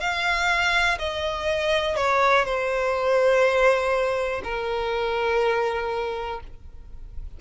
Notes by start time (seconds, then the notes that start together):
0.00 F5
0.99 D#5
1.96 C#5
2.45 C5
4.44 A#4